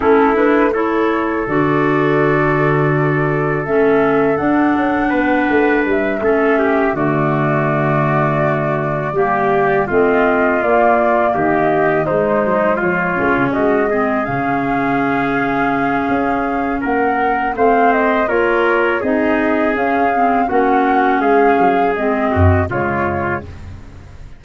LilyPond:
<<
  \new Staff \with { instrumentName = "flute" } { \time 4/4 \tempo 4 = 82 a'8 b'8 cis''4 d''2~ | d''4 e''4 fis''2 | e''4. d''2~ d''8~ | d''4. dis''4 d''4 dis''8~ |
dis''8 c''4 cis''4 dis''4 f''8~ | f''2. fis''4 | f''8 dis''8 cis''4 dis''4 f''4 | fis''4 f''4 dis''4 cis''4 | }
  \new Staff \with { instrumentName = "trumpet" } { \time 4/4 e'4 a'2.~ | a'2. b'4~ | b'8 a'8 g'8 fis'2~ fis'8~ | fis'8 g'4 f'2 g'8~ |
g'8 dis'4 f'4 fis'8 gis'4~ | gis'2. ais'4 | c''4 ais'4 gis'2 | fis'4 gis'4. fis'8 f'4 | }
  \new Staff \with { instrumentName = "clarinet" } { \time 4/4 cis'8 d'8 e'4 fis'2~ | fis'4 cis'4 d'2~ | d'8 cis'4 a2~ a8~ | a8 ais4 c'4 ais4.~ |
ais8 gis4. cis'4 c'8 cis'8~ | cis'1 | c'4 f'4 dis'4 cis'8 c'8 | cis'2 c'4 gis4 | }
  \new Staff \with { instrumentName = "tuba" } { \time 4/4 a2 d2~ | d4 a4 d'8 cis'8 b8 a8 | g8 a4 d2~ d8~ | d8 g4 a4 ais4 dis8~ |
dis8 gis8 fis8 f8 gis16 cis16 gis4 cis8~ | cis2 cis'4 ais4 | a4 ais4 c'4 cis'4 | ais4 gis8 fis8 gis8 fis,8 cis4 | }
>>